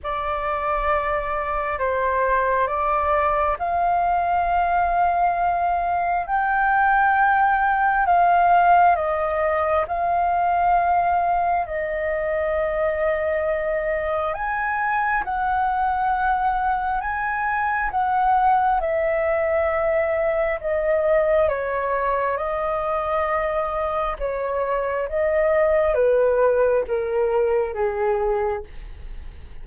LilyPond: \new Staff \with { instrumentName = "flute" } { \time 4/4 \tempo 4 = 67 d''2 c''4 d''4 | f''2. g''4~ | g''4 f''4 dis''4 f''4~ | f''4 dis''2. |
gis''4 fis''2 gis''4 | fis''4 e''2 dis''4 | cis''4 dis''2 cis''4 | dis''4 b'4 ais'4 gis'4 | }